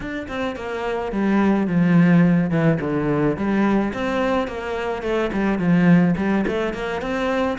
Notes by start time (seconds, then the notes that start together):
0.00 D4
0.28 C4
0.56 A#3
1.12 G3
1.67 F3
2.50 E3
2.80 D3
3.36 G3
3.93 C4
4.47 A#3
5.02 A3
5.32 G3
5.58 F3
6.17 G3
6.47 A3
6.73 A#3
7.01 C4